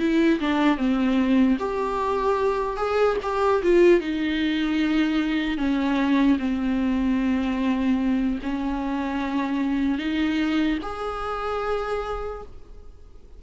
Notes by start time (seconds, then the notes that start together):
0.00 E4
0.40 D4
0.77 C4
1.59 G4
2.77 G#4
3.23 G4
3.63 F4
4.01 D#4
5.58 C#4
6.39 C4
8.43 C#4
9.99 D#4
10.83 G#4